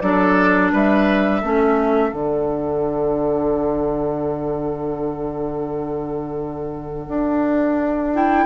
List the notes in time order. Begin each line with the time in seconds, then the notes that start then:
0.00 F#3 D4 A4 D5
0.72 G3 B4 E5
1.42 A3 C#4 A4
2.13 D3 D4 F#5
7.08 D4
8.14 E4 G5